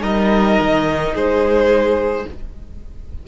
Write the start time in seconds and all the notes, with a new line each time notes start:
0.00 G3 D#4 A#4 D#5
0.60 D#3
1.14 G#3 G#4 C5